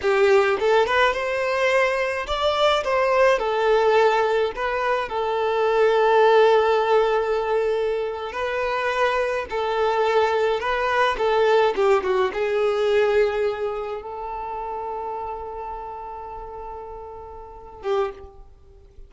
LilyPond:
\new Staff \with { instrumentName = "violin" } { \time 4/4 \tempo 4 = 106 g'4 a'8 b'8 c''2 | d''4 c''4 a'2 | b'4 a'2.~ | a'2~ a'8. b'4~ b'16~ |
b'8. a'2 b'4 a'16~ | a'8. g'8 fis'8 gis'2~ gis'16~ | gis'8. a'2.~ a'16~ | a'2.~ a'8 g'8 | }